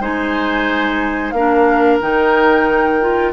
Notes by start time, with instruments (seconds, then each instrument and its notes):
0.00 bassoon G#3, clarinet D#4, oboe C5, flute G#5
1.31 bassoon A#3, clarinet D4, oboe A#4, flute F5
2.02 bassoon D#3, clarinet D#4, flute G5
3.01 clarinet F4